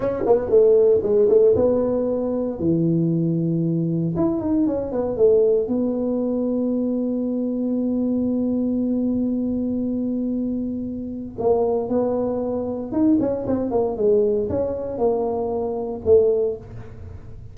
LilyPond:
\new Staff \with { instrumentName = "tuba" } { \time 4/4 \tempo 4 = 116 cis'8 b8 a4 gis8 a8 b4~ | b4 e2. | e'8 dis'8 cis'8 b8 a4 b4~ | b1~ |
b1~ | b2 ais4 b4~ | b4 dis'8 cis'8 c'8 ais8 gis4 | cis'4 ais2 a4 | }